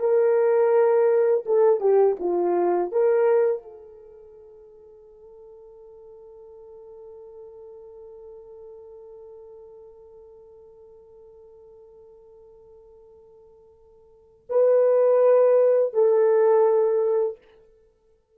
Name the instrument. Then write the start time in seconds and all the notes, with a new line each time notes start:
horn
0.00 A#4
1.46 A4
1.81 G4
2.20 F4
2.92 A#4
3.63 A4
14.49 B4
15.94 A4